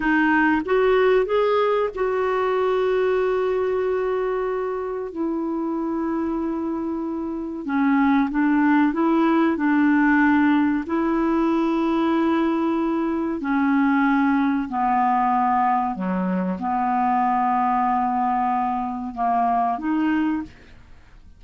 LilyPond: \new Staff \with { instrumentName = "clarinet" } { \time 4/4 \tempo 4 = 94 dis'4 fis'4 gis'4 fis'4~ | fis'1 | e'1 | cis'4 d'4 e'4 d'4~ |
d'4 e'2.~ | e'4 cis'2 b4~ | b4 fis4 b2~ | b2 ais4 dis'4 | }